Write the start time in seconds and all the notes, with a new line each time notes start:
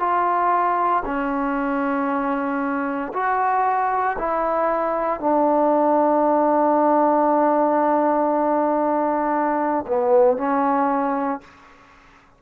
0.00 F4
1.06 C#4
3.14 F#4
4.19 E4
5.21 D4
9.87 B3
10.38 C#4